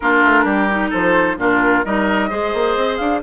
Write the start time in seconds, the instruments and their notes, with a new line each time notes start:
0.00 bassoon A#3, clarinet D4, oboe F4, flute A#4
0.24 bassoon A3
0.43 bassoon G3, oboe G4
0.70 clarinet D#4
0.90 bassoon F3, oboe A4, flute C5
1.37 bassoon A#2, clarinet D4, oboe F4, flute A#4
1.85 bassoon G3, clarinet D#4, oboe A#4, flute D#5
2.29 bassoon G#3, clarinet G#4, oboe C5
2.53 bassoon A#3
2.76 bassoon C4
2.97 bassoon D4, flute F5